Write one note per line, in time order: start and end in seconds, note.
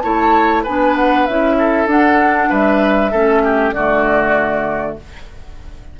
0.00 0.66 A3
0.00 0.65 E4
0.00 0.63 C#5
0.00 0.62 A5
0.63 1.28 B3
0.63 1.29 D4
0.63 1.56 B4
0.63 0.95 G#5
0.96 1.25 F#5
1.25 1.86 C#4
1.25 1.87 E4
1.25 1.87 E5
1.58 2.49 A4
1.86 2.48 D4
1.86 3.11 D4
1.86 2.51 F#5
2.49 3.12 G3
2.49 3.11 B4
2.49 3.72 E5
3.11 3.72 A3
3.11 3.75 C#4
3.11 3.42 A4
3.44 3.74 G4
3.72 4.96 D3
3.72 4.99 A3
3.72 4.98 F#4
3.72 4.96 D5